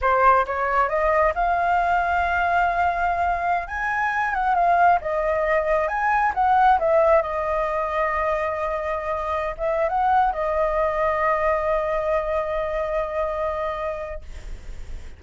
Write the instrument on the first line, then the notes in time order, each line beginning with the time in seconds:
flute
0.01 C5
0.46 C#5
0.88 D#5
1.34 F5
3.67 G#5
4.33 F#5
4.54 F5
5.01 D#5
5.87 G#5
6.34 F#5
6.79 E5
7.22 D#5
9.57 E5
9.88 F#5
10.32 D#5